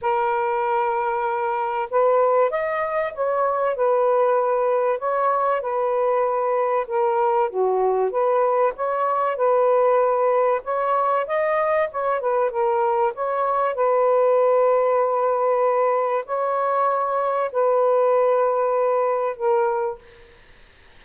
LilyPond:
\new Staff \with { instrumentName = "saxophone" } { \time 4/4 \tempo 4 = 96 ais'2. b'4 | dis''4 cis''4 b'2 | cis''4 b'2 ais'4 | fis'4 b'4 cis''4 b'4~ |
b'4 cis''4 dis''4 cis''8 b'8 | ais'4 cis''4 b'2~ | b'2 cis''2 | b'2. ais'4 | }